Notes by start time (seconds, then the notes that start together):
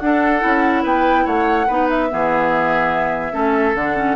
0.00 D4 A4 F#5
0.40 C#4 E4
0.83 B3 B4 G5
1.25 A3 C#5 F#5
1.67 B3 D#4 B4
1.89 E5
2.09 E3 B3 G#4
3.32 A3 C#4 A4
3.74 D3 D4 F#5
3.96 C#4